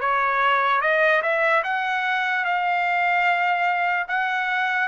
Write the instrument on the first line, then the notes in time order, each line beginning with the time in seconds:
trumpet
0.00 C#5
0.81 D#5
1.22 E5
1.63 F#5
2.44 F5
4.08 F#5